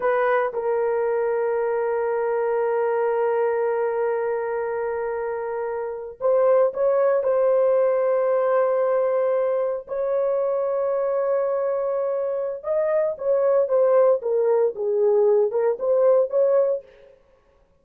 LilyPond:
\new Staff \with { instrumentName = "horn" } { \time 4/4 \tempo 4 = 114 b'4 ais'2.~ | ais'1~ | ais'2.~ ais'8. c''16~ | c''8. cis''4 c''2~ c''16~ |
c''2~ c''8. cis''4~ cis''16~ | cis''1 | dis''4 cis''4 c''4 ais'4 | gis'4. ais'8 c''4 cis''4 | }